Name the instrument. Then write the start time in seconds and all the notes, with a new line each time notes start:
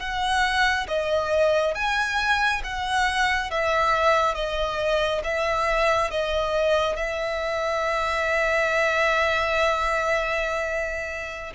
violin
0.00 F#5
0.88 D#5
1.75 G#5
2.64 F#5
3.51 E5
4.35 D#5
5.24 E5
6.11 D#5
6.97 E5